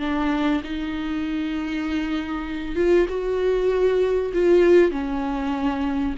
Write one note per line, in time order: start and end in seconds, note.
0.00 0.62 D4
0.64 2.76 D#4
2.76 3.07 F4
3.09 4.33 F#4
4.34 4.92 F4
4.92 6.15 C#4